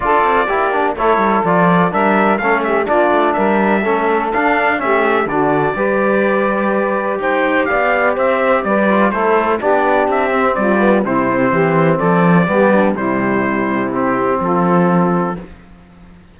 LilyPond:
<<
  \new Staff \with { instrumentName = "trumpet" } { \time 4/4 \tempo 4 = 125 d''2 cis''4 d''4 | e''4 f''8 e''8 d''4 e''4~ | e''4 f''4 e''4 d''4~ | d''2. g''4 |
f''4 e''4 d''4 c''4 | d''4 e''4 d''4 c''4~ | c''4 d''2 c''4~ | c''4 g'4 a'2 | }
  \new Staff \with { instrumentName = "saxophone" } { \time 4/4 a'4 g'4 a'2 | ais'4 a'8 g'8 f'4 ais'4 | a'2 g'4 fis'4 | b'2. c''4 |
d''4 c''4 b'4 a'4 | g'2 f'4 e'4 | g'4 a'4 g'8 d'8 e'4~ | e'2 f'2 | }
  \new Staff \with { instrumentName = "trombone" } { \time 4/4 f'4 e'8 d'8 e'4 f'4 | d'4 cis'4 d'2 | cis'4 d'4 cis'4 d'4 | g'1~ |
g'2~ g'8 f'8 e'4 | d'4. c'4 b8 c'4~ | c'2 b4 g4~ | g4 c'2. | }
  \new Staff \with { instrumentName = "cello" } { \time 4/4 d'8 c'8 ais4 a8 g8 f4 | g4 a4 ais8 a8 g4 | a4 d'4 a4 d4 | g2. dis'4 |
b4 c'4 g4 a4 | b4 c'4 g4 c4 | e4 f4 g4 c4~ | c2 f2 | }
>>